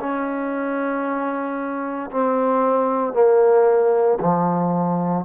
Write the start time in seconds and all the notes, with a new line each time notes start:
0.00 C#4
2.11 C4
3.13 A#3
4.21 F3